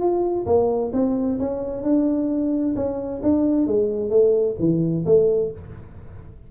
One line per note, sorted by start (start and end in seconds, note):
0.00 0.46 F4
0.46 0.92 A#3
0.93 1.39 C4
1.39 1.83 C#4
1.83 2.75 D4
2.76 3.21 C#4
3.23 3.67 D4
3.67 4.10 G#3
4.10 4.56 A3
4.59 5.05 E3
5.06 5.51 A3